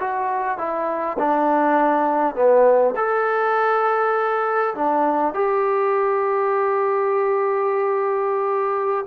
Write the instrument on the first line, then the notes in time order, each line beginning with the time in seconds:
trombone
0.00 F#4
0.58 E4
1.19 D4
2.35 B3
2.96 A4
4.75 D4
5.35 G4